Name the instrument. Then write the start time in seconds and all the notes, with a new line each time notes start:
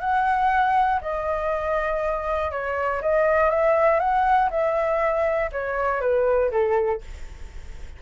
flute
0.00 F#5
1.01 D#5
2.51 C#5
3.02 D#5
3.50 E5
4.00 F#5
4.50 E5
5.52 C#5
6.01 B4
6.51 A4